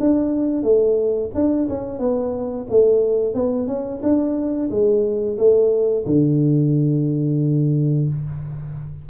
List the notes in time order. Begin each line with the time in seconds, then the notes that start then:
0.00 D4
0.63 A3
1.35 D4
1.69 C#4
1.99 B3
2.70 A3
3.34 B3
3.68 C#4
4.03 D4
4.70 G#3
5.38 A3
6.06 D3